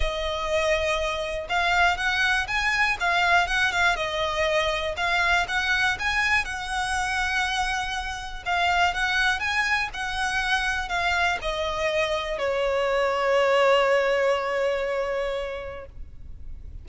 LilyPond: \new Staff \with { instrumentName = "violin" } { \time 4/4 \tempo 4 = 121 dis''2. f''4 | fis''4 gis''4 f''4 fis''8 f''8 | dis''2 f''4 fis''4 | gis''4 fis''2.~ |
fis''4 f''4 fis''4 gis''4 | fis''2 f''4 dis''4~ | dis''4 cis''2.~ | cis''1 | }